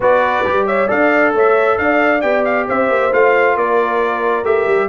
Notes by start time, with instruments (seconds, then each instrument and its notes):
0.00 tuba B3, trombone F#4, horn B4, trumpet D5
0.45 tuba G3, trombone G4
0.66 horn C#5, trumpet E5
0.86 tuba D4, trombone A4, horn D5, trumpet F5
1.33 tuba A3, horn C#5, trumpet E5
1.78 tuba D4, horn D5, trumpet F5
2.21 tuba B3, trombone G4, trumpet G5
2.45 trumpet F5
2.67 tuba C4, horn C5, trumpet E5
2.89 tuba A#3
3.11 tuba A3, trombone F4, trumpet F5
3.55 tuba A#3, horn A#4, trumpet D5
4.43 tuba A3, trombone G4, trumpet E5
4.66 tuba G3